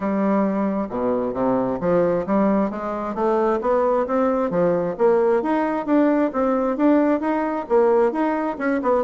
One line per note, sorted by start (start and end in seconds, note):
0.00 0.88 G3
0.89 1.33 B2
1.33 1.78 C3
1.80 2.25 F3
2.26 2.70 G3
2.70 3.14 G#3
3.14 3.59 A3
3.61 4.06 B3
4.06 4.50 C4
4.50 4.95 F3
4.97 5.42 A#3
5.42 5.86 D#4
5.86 6.31 D4
6.32 6.76 C4
6.76 7.20 D4
7.20 7.65 D#4
7.68 8.11 A#3
8.11 8.57 D#4
8.58 8.81 C#4
8.82 9.04 B3